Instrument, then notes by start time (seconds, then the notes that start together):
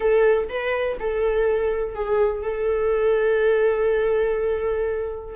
viola
0.00 A4
0.48 B4
0.99 A4
1.94 G#4
2.42 A4